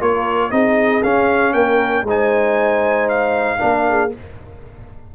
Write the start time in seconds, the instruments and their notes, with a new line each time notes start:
0.00 tuba A#3, trombone F4, horn A#4, trumpet C#5
0.51 tuba C4, trombone D#4, horn G#4, trumpet D#5
1.03 tuba C#4, trombone C#4, trumpet F5
1.53 tuba A#3, horn A#4, trumpet G5
2.03 tuba G#3, trombone D#4, horn C5
2.10 trumpet G#5
3.09 trumpet F5
3.58 tuba A#3, trombone D4, horn A#4
3.89 horn G#4